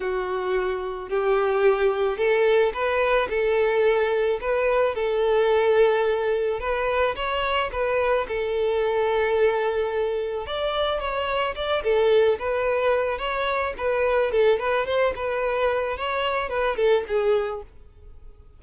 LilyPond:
\new Staff \with { instrumentName = "violin" } { \time 4/4 \tempo 4 = 109 fis'2 g'2 | a'4 b'4 a'2 | b'4 a'2. | b'4 cis''4 b'4 a'4~ |
a'2. d''4 | cis''4 d''8 a'4 b'4. | cis''4 b'4 a'8 b'8 c''8 b'8~ | b'4 cis''4 b'8 a'8 gis'4 | }